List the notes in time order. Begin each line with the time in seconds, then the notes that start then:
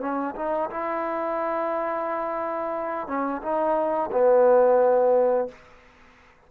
0.00 C#4
0.35 D#4
0.70 E4
3.07 C#4
3.42 D#4
4.12 B3